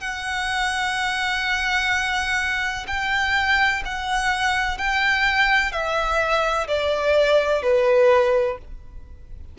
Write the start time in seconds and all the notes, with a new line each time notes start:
0.00 F#5
2.87 G5
3.85 F#5
4.77 G5
5.72 E5
6.67 D5
7.62 B4